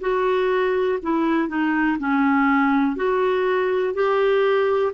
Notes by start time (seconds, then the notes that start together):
0.00 F#4
1.02 E4
1.48 D#4
1.99 C#4
2.96 F#4
3.93 G4